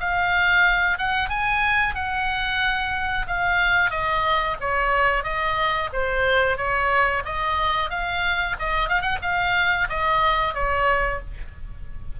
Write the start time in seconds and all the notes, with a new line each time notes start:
0.00 F5
0.98 F#5
1.29 G#5
1.95 F#5
3.27 F5
3.90 D#5
4.60 C#5
5.24 D#5
5.93 C5
6.57 C#5
7.25 D#5
7.90 F5
8.59 D#5
8.89 F5
9.01 F#5
9.22 F5
9.89 D#5
10.54 C#5